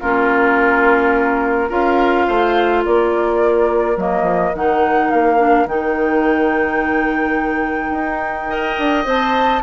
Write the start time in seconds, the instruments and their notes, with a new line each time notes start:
0.00 bassoon A#3, clarinet C#4, oboe F4, flute A#4
1.69 bassoon C#4, clarinet F4, oboe A#4, flute F5
2.27 bassoon A3, oboe C5
2.84 bassoon A#3, oboe A#4, flute D5
3.96 bassoon F#3, clarinet A#3, flute D#5
4.22 bassoon F3
4.54 bassoon D#3, clarinet D#4, flute F#5
5.10 bassoon A#3, flute F5
5.37 clarinet D4
5.65 bassoon D#3, clarinet D#4, flute G5
7.90 bassoon D#4
8.49 clarinet A#4, oboe D#5
8.78 bassoon D4
9.05 bassoon C4, clarinet C5, flute A5